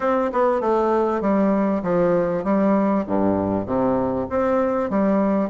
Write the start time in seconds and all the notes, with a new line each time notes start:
0.00 C4
0.32 B3
0.60 A3
1.21 G3
1.82 F3
2.44 G3
3.06 G2
3.66 C3
4.29 C4
4.90 G3